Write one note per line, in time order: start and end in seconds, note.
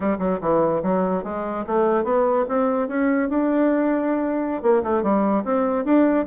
0.00 0.17 G3
0.18 0.39 F#3
0.41 0.82 E3
0.82 1.23 F#3
1.23 1.64 G#3
1.66 2.04 A3
2.04 2.45 B3
2.48 2.88 C4
2.88 3.29 C#4
3.29 4.62 D4
4.62 4.83 A#3
4.83 5.02 A3
5.02 5.44 G3
5.44 5.84 C4
5.84 6.25 D4